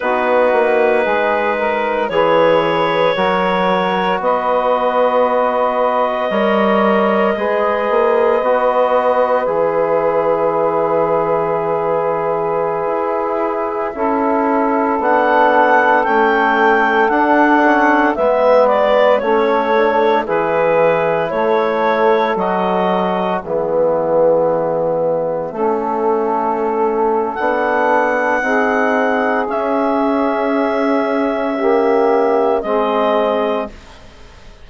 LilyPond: <<
  \new Staff \with { instrumentName = "clarinet" } { \time 4/4 \tempo 4 = 57 b'2 cis''2 | dis''1~ | dis''4 e''2.~ | e''2~ e''16 fis''4 g''8.~ |
g''16 fis''4 e''8 d''8 cis''4 b'8.~ | b'16 cis''4 dis''4 e''4.~ e''16~ | e''2 fis''2 | e''2. dis''4 | }
  \new Staff \with { instrumentName = "saxophone" } { \time 4/4 fis'4 gis'8 ais'8 b'4 ais'4 | b'2 cis''4 b'4~ | b'1~ | b'4~ b'16 a'2~ a'8.~ |
a'4~ a'16 b'4 a'4 gis'8.~ | gis'16 a'2 gis'4.~ gis'16~ | gis'16 a'2~ a'8. gis'4~ | gis'2 g'4 gis'4 | }
  \new Staff \with { instrumentName = "trombone" } { \time 4/4 dis'2 gis'4 fis'4~ | fis'2 ais'4 gis'4 | fis'4 gis'2.~ | gis'4~ gis'16 e'4 d'4 cis'8.~ |
cis'16 d'8 cis'8 b4 cis'8 d'8 e'8.~ | e'4~ e'16 fis'4 b4.~ b16~ | b16 cis'4.~ cis'16 d'4 dis'4 | cis'2 ais4 c'4 | }
  \new Staff \with { instrumentName = "bassoon" } { \time 4/4 b8 ais8 gis4 e4 fis4 | b2 g4 gis8 ais8 | b4 e2.~ | e16 e'4 cis'4 b4 a8.~ |
a16 d'4 gis4 a4 e8.~ | e16 a4 fis4 e4.~ e16~ | e16 a4.~ a16 b4 c'4 | cis'2. gis4 | }
>>